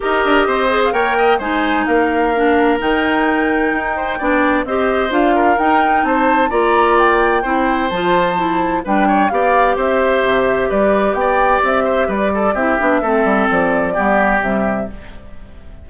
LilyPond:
<<
  \new Staff \with { instrumentName = "flute" } { \time 4/4 \tempo 4 = 129 dis''4.~ dis''16 f''16 g''4 gis''4 | f''2 g''2~ | g''2 dis''4 f''4 | g''4 a''4 ais''4 g''4~ |
g''4 a''2 g''4 | f''4 e''2 d''4 | g''4 e''4 d''4 e''4~ | e''4 d''2 e''4 | }
  \new Staff \with { instrumentName = "oboe" } { \time 4/4 ais'4 c''4 cis''8 dis''8 c''4 | ais'1~ | ais'8 c''8 d''4 c''4. ais'8~ | ais'4 c''4 d''2 |
c''2. b'8 cis''8 | d''4 c''2 b'4 | d''4. c''8 b'8 a'8 g'4 | a'2 g'2 | }
  \new Staff \with { instrumentName = "clarinet" } { \time 4/4 g'4. gis'8 ais'4 dis'4~ | dis'4 d'4 dis'2~ | dis'4 d'4 g'4 f'4 | dis'2 f'2 |
e'4 f'4 e'4 d'4 | g'1~ | g'2. e'8 d'8 | c'2 b4 g4 | }
  \new Staff \with { instrumentName = "bassoon" } { \time 4/4 dis'8 d'8 c'4 ais4 gis4 | ais2 dis2 | dis'4 b4 c'4 d'4 | dis'4 c'4 ais2 |
c'4 f2 g4 | b4 c'4 c4 g4 | b4 c'4 g4 c'8 b8 | a8 g8 f4 g4 c4 | }
>>